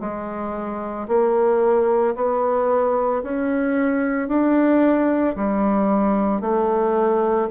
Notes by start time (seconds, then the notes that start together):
0.00 G#3
1.08 A#3
2.15 B3
3.22 C#4
4.28 D4
5.36 G3
6.40 A3